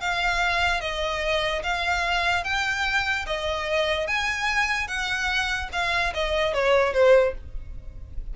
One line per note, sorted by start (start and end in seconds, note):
0.00 0.80 F5
0.80 1.62 D#5
1.63 2.44 F5
2.44 3.25 G5
3.26 4.07 D#5
4.07 4.87 G#5
4.87 5.69 F#5
5.72 6.13 F5
6.14 6.53 D#5
6.53 6.93 C#5
6.93 7.34 C5